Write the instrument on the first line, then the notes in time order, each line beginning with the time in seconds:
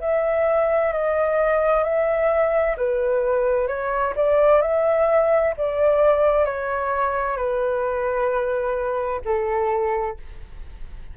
flute
0.00 E5
0.92 D#5
1.83 E5
2.77 B4
3.67 C#5
4.16 D5
4.61 E5
5.57 D5
6.45 C#5
7.36 B4
9.24 A4